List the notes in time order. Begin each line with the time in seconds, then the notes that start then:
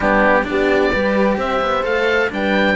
0.00 G3 B3 D4 G4
0.43 B3 D4 G4 D5
0.92 G3 G4 B4
1.37 C4 C5 E5
1.61 B3
1.82 A3 A4 F5
2.29 G3 D4 B4 G5